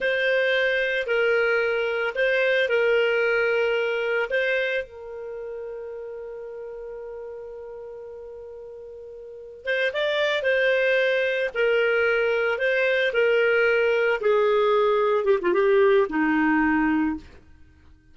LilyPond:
\new Staff \with { instrumentName = "clarinet" } { \time 4/4 \tempo 4 = 112 c''2 ais'2 | c''4 ais'2. | c''4 ais'2.~ | ais'1~ |
ais'2 c''8 d''4 c''8~ | c''4. ais'2 c''8~ | c''8 ais'2 gis'4.~ | gis'8 g'16 f'16 g'4 dis'2 | }